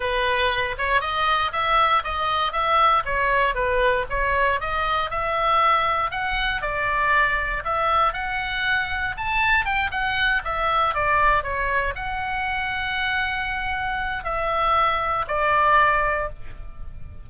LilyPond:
\new Staff \with { instrumentName = "oboe" } { \time 4/4 \tempo 4 = 118 b'4. cis''8 dis''4 e''4 | dis''4 e''4 cis''4 b'4 | cis''4 dis''4 e''2 | fis''4 d''2 e''4 |
fis''2 a''4 g''8 fis''8~ | fis''8 e''4 d''4 cis''4 fis''8~ | fis''1 | e''2 d''2 | }